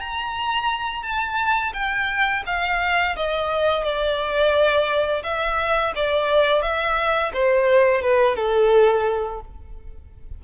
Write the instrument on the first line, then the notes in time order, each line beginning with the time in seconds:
violin
0.00 A#5
1.03 A5
1.73 G5
2.46 F5
3.16 D#5
3.83 D5
5.23 E5
5.95 D5
6.62 E5
7.33 C5
8.02 B4
8.36 A4